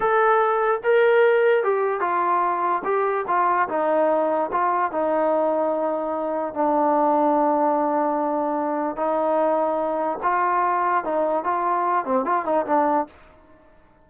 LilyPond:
\new Staff \with { instrumentName = "trombone" } { \time 4/4 \tempo 4 = 147 a'2 ais'2 | g'4 f'2 g'4 | f'4 dis'2 f'4 | dis'1 |
d'1~ | d'2 dis'2~ | dis'4 f'2 dis'4 | f'4. c'8 f'8 dis'8 d'4 | }